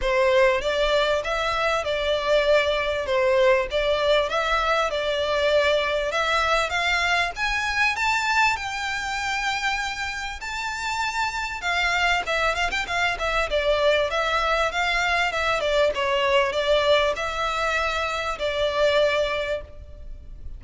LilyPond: \new Staff \with { instrumentName = "violin" } { \time 4/4 \tempo 4 = 98 c''4 d''4 e''4 d''4~ | d''4 c''4 d''4 e''4 | d''2 e''4 f''4 | gis''4 a''4 g''2~ |
g''4 a''2 f''4 | e''8 f''16 g''16 f''8 e''8 d''4 e''4 | f''4 e''8 d''8 cis''4 d''4 | e''2 d''2 | }